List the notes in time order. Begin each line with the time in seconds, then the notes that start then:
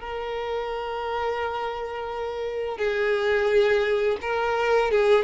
0.00 A#4
2.78 G#4
4.21 A#4
4.91 G#4